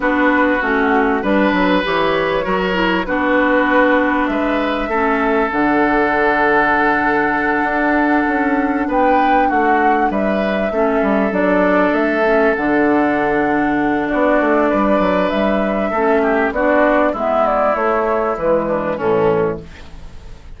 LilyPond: <<
  \new Staff \with { instrumentName = "flute" } { \time 4/4 \tempo 4 = 98 b'4 fis'4 b'4 cis''4~ | cis''4 b'2 e''4~ | e''4 fis''2.~ | fis''2~ fis''8 g''4 fis''8~ |
fis''8 e''2 d''4 e''8~ | e''8 fis''2~ fis''8 d''4~ | d''4 e''2 d''4 | e''8 d''8 cis''4 b'4 a'4 | }
  \new Staff \with { instrumentName = "oboe" } { \time 4/4 fis'2 b'2 | ais'4 fis'2 b'4 | a'1~ | a'2~ a'8 b'4 fis'8~ |
fis'8 b'4 a'2~ a'8~ | a'2. fis'4 | b'2 a'8 g'8 fis'4 | e'2~ e'8 d'8 cis'4 | }
  \new Staff \with { instrumentName = "clarinet" } { \time 4/4 d'4 cis'4 d'4 g'4 | fis'8 e'8 d'2. | cis'4 d'2.~ | d'1~ |
d'4. cis'4 d'4. | cis'8 d'2.~ d'8~ | d'2 cis'4 d'4 | b4 a4 gis4 e4 | }
  \new Staff \with { instrumentName = "bassoon" } { \time 4/4 b4 a4 g8 fis8 e4 | fis4 b2 gis4 | a4 d2.~ | d8 d'4 cis'4 b4 a8~ |
a8 g4 a8 g8 fis4 a8~ | a8 d2~ d8 b8 a8 | g8 fis8 g4 a4 b4 | gis4 a4 e4 a,4 | }
>>